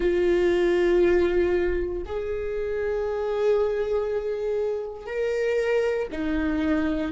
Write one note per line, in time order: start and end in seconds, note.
0.00 2.02 F4
2.05 5.06 G#4
5.06 6.07 A#4
6.11 7.11 D#4